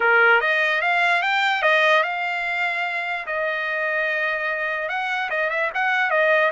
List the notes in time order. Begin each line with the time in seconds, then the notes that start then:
0.00 A#4
0.40 D#5
0.81 F5
1.22 G5
1.62 D#5
2.03 F5
3.26 D#5
4.88 F#5
5.30 D#5
5.50 E5
5.74 F#5
6.10 D#5